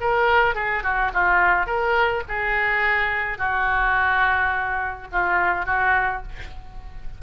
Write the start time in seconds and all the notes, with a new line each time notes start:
0.00 A#4
0.55 G#4
0.83 F#4
1.13 F4
1.66 A#4
2.28 G#4
3.38 F#4
5.11 F4
5.65 F#4